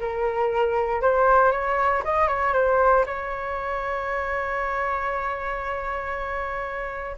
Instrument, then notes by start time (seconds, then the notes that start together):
flute
0.00 A#4
1.02 C5
1.52 C#5
2.05 D#5
2.28 C#5
2.54 C5
3.06 C#5